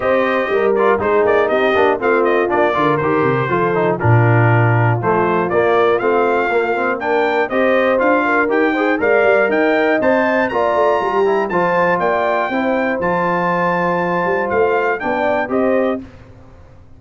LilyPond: <<
  \new Staff \with { instrumentName = "trumpet" } { \time 4/4 \tempo 4 = 120 dis''4. d''8 c''8 d''8 dis''4 | f''8 dis''8 d''4 c''2 | ais'2 c''4 d''4 | f''2 g''4 dis''4 |
f''4 g''4 f''4 g''4 | a''4 ais''2 a''4 | g''2 a''2~ | a''4 f''4 g''4 dis''4 | }
  \new Staff \with { instrumentName = "horn" } { \time 4/4 c''4 ais'4 gis'4 g'4 | f'4. ais'4. a'4 | f'1~ | f'2 ais'4 c''4~ |
c''8 ais'4 c''8 d''4 dis''4~ | dis''4 d''4 g'4 c''4 | d''4 c''2.~ | c''2 d''4 c''4 | }
  \new Staff \with { instrumentName = "trombone" } { \time 4/4 g'4. f'8 dis'4. d'8 | c'4 d'8 f'8 g'4 f'8 dis'8 | d'2 a4 ais4 | c'4 ais8 c'8 d'4 g'4 |
f'4 g'8 gis'8 ais'2 | c''4 f'4. e'8 f'4~ | f'4 e'4 f'2~ | f'2 d'4 g'4 | }
  \new Staff \with { instrumentName = "tuba" } { \time 4/4 c'4 g4 gis8 ais8 c'8 ais8 | a4 ais8 d8 dis8 c8 f4 | ais,2 f4 ais4 | a4 ais2 c'4 |
d'4 dis'4 gis8 g8 dis'4 | c'4 ais8 a8 g4 f4 | ais4 c'4 f2~ | f8 g8 a4 b4 c'4 | }
>>